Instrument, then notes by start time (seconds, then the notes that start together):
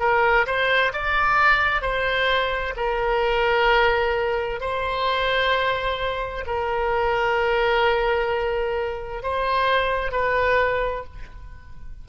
oboe
0.00 A#4
0.47 C5
0.93 D5
1.82 C5
2.77 A#4
4.60 C5
6.47 A#4
9.23 C5
10.12 B4